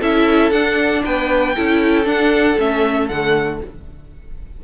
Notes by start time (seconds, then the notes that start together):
0.00 C#4 E4 A4 E5
0.51 D4 F#5
1.04 B3 B4 G5
1.56 C#4 E4 A4
2.04 D4 F#5
2.58 A3 C#4 E5
3.08 D3 A3 F#5